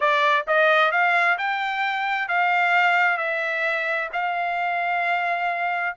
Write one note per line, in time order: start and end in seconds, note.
0.00 0.45 D5
0.47 0.91 D#5
0.91 1.37 F5
1.37 2.28 G5
2.28 3.17 F5
3.17 4.09 E5
4.12 5.96 F5